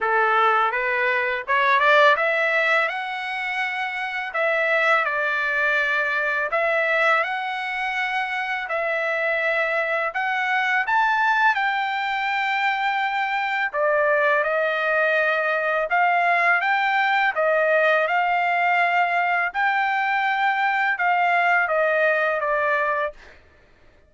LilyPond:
\new Staff \with { instrumentName = "trumpet" } { \time 4/4 \tempo 4 = 83 a'4 b'4 cis''8 d''8 e''4 | fis''2 e''4 d''4~ | d''4 e''4 fis''2 | e''2 fis''4 a''4 |
g''2. d''4 | dis''2 f''4 g''4 | dis''4 f''2 g''4~ | g''4 f''4 dis''4 d''4 | }